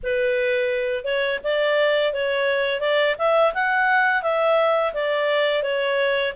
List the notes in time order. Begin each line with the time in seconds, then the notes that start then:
0.03 B4
1.04 C#5
1.43 D5
2.13 C#5
2.80 D5
3.18 E5
3.54 F#5
4.22 E5
4.93 D5
5.62 C#5